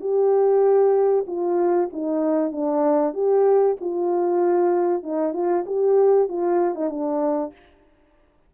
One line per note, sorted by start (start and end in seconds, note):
0.00 1.25 G4
1.27 1.89 F4
1.93 2.52 D#4
2.52 3.14 D4
3.14 3.76 G4
3.81 5.03 F4
5.03 5.33 D#4
5.33 5.64 F4
5.66 6.28 G4
6.28 6.75 F4
6.75 6.90 D#4
6.90 7.53 D4